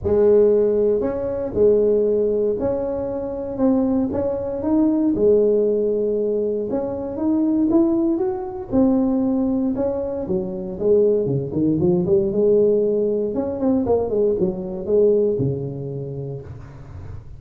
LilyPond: \new Staff \with { instrumentName = "tuba" } { \time 4/4 \tempo 4 = 117 gis2 cis'4 gis4~ | gis4 cis'2 c'4 | cis'4 dis'4 gis2~ | gis4 cis'4 dis'4 e'4 |
fis'4 c'2 cis'4 | fis4 gis4 cis8 dis8 f8 g8 | gis2 cis'8 c'8 ais8 gis8 | fis4 gis4 cis2 | }